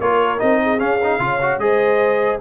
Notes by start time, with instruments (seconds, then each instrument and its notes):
0.00 tuba A#3, trombone F4, horn A#4, trumpet C#5
0.39 tuba C4, trombone D#4, trumpet D#5
0.63 horn G#4
0.80 trombone C#4, tuba C#4, trumpet F5
1.04 trombone D#4
1.19 tuba C#3, trombone F4, horn C#5
1.42 trombone F#4
1.59 tuba G#3, trombone G#4, horn C5, trumpet D#5